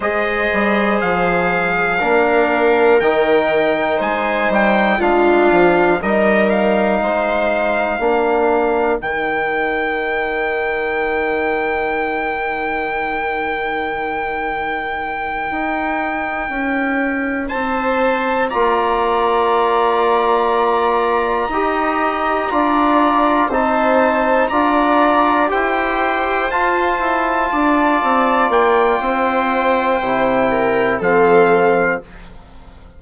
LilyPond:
<<
  \new Staff \with { instrumentName = "trumpet" } { \time 4/4 \tempo 4 = 60 dis''4 f''2 g''4 | gis''8 g''8 f''4 dis''8 f''4.~ | f''4 g''2.~ | g''1~ |
g''4. a''4 ais''4.~ | ais''2.~ ais''8 a''8~ | a''8 ais''4 g''4 a''4.~ | a''8 g''2~ g''8 f''4 | }
  \new Staff \with { instrumentName = "viola" } { \time 4/4 c''2 ais'2 | c''4 f'4 ais'4 c''4 | ais'1~ | ais'1~ |
ais'4. c''4 d''4.~ | d''4. dis''4 d''4 c''8~ | c''8 d''4 c''2 d''8~ | d''4 c''4. ais'8 a'4 | }
  \new Staff \with { instrumentName = "trombone" } { \time 4/4 gis'2 d'4 dis'4~ | dis'4 d'4 dis'2 | d'4 dis'2.~ | dis'1~ |
dis'2~ dis'8 f'4.~ | f'4. g'4 f'4 dis'8~ | dis'8 f'4 g'4 f'4.~ | f'2 e'4 c'4 | }
  \new Staff \with { instrumentName = "bassoon" } { \time 4/4 gis8 g8 f4 ais4 dis4 | gis8 g8 gis8 f8 g4 gis4 | ais4 dis2.~ | dis2.~ dis8 dis'8~ |
dis'8 cis'4 c'4 ais4.~ | ais4. dis'4 d'4 c'8~ | c'8 d'4 e'4 f'8 e'8 d'8 | c'8 ais8 c'4 c4 f4 | }
>>